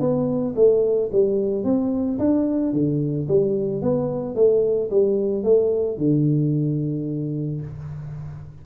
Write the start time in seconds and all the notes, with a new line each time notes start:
0.00 B3
0.56 A3
1.12 G3
1.64 C4
2.19 D4
2.73 D3
3.28 G3
3.82 B3
4.35 A3
4.90 G3
5.43 A3
5.98 D3